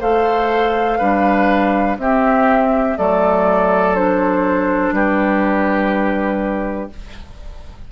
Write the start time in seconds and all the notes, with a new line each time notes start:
0.00 A3 A4 C5 F5
0.99 G3 D4 B4
1.98 C4 G4 E5
2.97 F#3 A3 A4 D5
3.95 D4 C5
4.92 G3 G4 B4